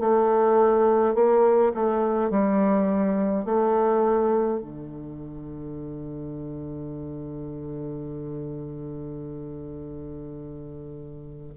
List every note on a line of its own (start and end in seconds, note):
0.00 1.15 A3
1.15 1.73 A#3
1.75 2.31 A3
2.31 3.45 G3
3.45 4.60 A3
4.61 11.53 D3